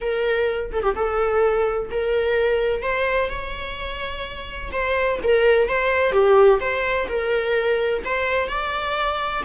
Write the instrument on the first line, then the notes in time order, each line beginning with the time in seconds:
viola
0.01 A#4
0.72 A4
0.82 G4
0.95 A4
1.90 A#4
2.82 C5
3.29 C#5
4.71 C5
5.23 A#4
5.68 C5
6.12 G4
6.60 C5
7.08 A#4
8.04 C5
8.48 D5